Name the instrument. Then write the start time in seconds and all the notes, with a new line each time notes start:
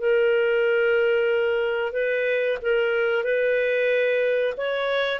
clarinet
0.00 A#4
1.93 B4
2.62 A#4
3.24 B4
4.58 C#5